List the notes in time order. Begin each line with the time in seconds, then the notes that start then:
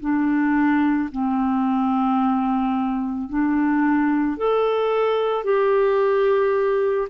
0.00 D4
1.12 C4
3.29 D4
4.37 A4
5.44 G4